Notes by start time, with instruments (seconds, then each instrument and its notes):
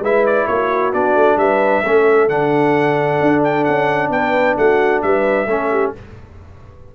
0.00 tuba G#3, trombone E4, horn B4, trumpet E5
0.26 trumpet D5
0.47 tuba A#3, horn F#4, trumpet C#5
0.93 tuba B3, trombone D4, trumpet D5
1.16 tuba A3
1.37 tuba G3, horn B4, trumpet E5
1.85 tuba A3, trombone C#4, horn A4
2.29 tuba D3, trombone D4, trumpet F#5
3.21 tuba D4
3.44 trumpet G5
3.65 tuba C#4, trumpet F#5
4.10 tuba B3, horn B4, trumpet G5
4.58 tuba A3, horn F#4, trumpet F#5
5.02 tuba G3, horn B4, trumpet E5
5.46 tuba A3, trombone C#4, horn A4
5.71 horn G4